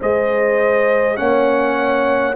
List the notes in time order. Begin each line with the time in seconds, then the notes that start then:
0.00 G#3 G#4 C5 D#5
1.17 A#3 C#4 C#5 F#5